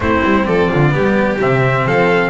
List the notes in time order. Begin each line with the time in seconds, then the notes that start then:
0.00 A3 C4 E4 C5
0.23 G3
0.45 F3 A4 D5
0.70 D3 F4
0.89 B3 G4
0.96 G3
1.40 C3 C4 E5
1.85 F3 A4 F5